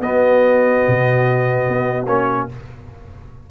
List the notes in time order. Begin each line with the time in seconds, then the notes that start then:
0.00 B3 F#4 D#5
0.88 B2
1.68 B3
2.07 A#3 C#4 C#5